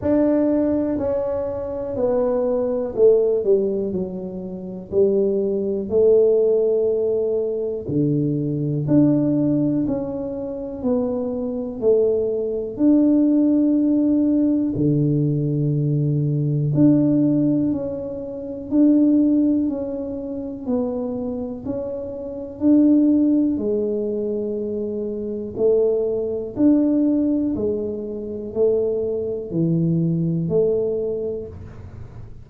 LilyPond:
\new Staff \with { instrumentName = "tuba" } { \time 4/4 \tempo 4 = 61 d'4 cis'4 b4 a8 g8 | fis4 g4 a2 | d4 d'4 cis'4 b4 | a4 d'2 d4~ |
d4 d'4 cis'4 d'4 | cis'4 b4 cis'4 d'4 | gis2 a4 d'4 | gis4 a4 e4 a4 | }